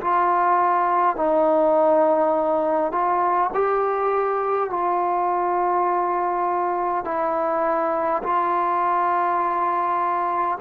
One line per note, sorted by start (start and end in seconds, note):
0.00 1.16 F4
1.16 2.91 D#4
2.91 3.50 F4
3.53 4.70 G4
4.70 7.04 F4
7.04 8.22 E4
8.22 10.58 F4